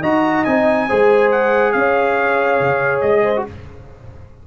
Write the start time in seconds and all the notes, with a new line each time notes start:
0.00 D#4 F#4 D#5 A#5
0.44 C4 D#4 G#5
0.87 G#3 G#4 C5
1.31 F#5
1.72 C#4 C#5 F5
2.60 C#3
3.01 G#3 D#5
3.23 C5
3.36 F#4